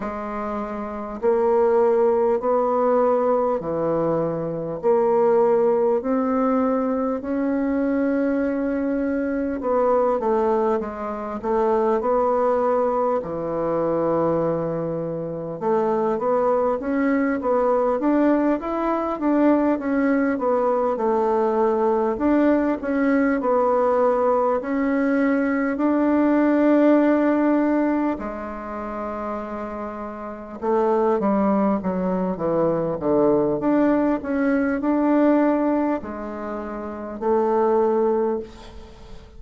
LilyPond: \new Staff \with { instrumentName = "bassoon" } { \time 4/4 \tempo 4 = 50 gis4 ais4 b4 e4 | ais4 c'4 cis'2 | b8 a8 gis8 a8 b4 e4~ | e4 a8 b8 cis'8 b8 d'8 e'8 |
d'8 cis'8 b8 a4 d'8 cis'8 b8~ | b8 cis'4 d'2 gis8~ | gis4. a8 g8 fis8 e8 d8 | d'8 cis'8 d'4 gis4 a4 | }